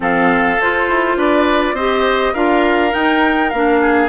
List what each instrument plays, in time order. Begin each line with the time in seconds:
0.00 bassoon F3, clarinet C4, oboe A4, flute F5
0.61 clarinet F4, bassoon F4, flute C5
0.88 bassoon E4
1.16 bassoon D4, oboe B4, flute D5
1.73 bassoon C4, clarinet G4, oboe C5, flute D#5
2.33 bassoon D4, clarinet F4, oboe A#4, flute F5
2.91 clarinet D#4, bassoon D#4, flute G5
3.49 bassoon A#3, flute F5
3.55 clarinet D4
3.81 oboe G#4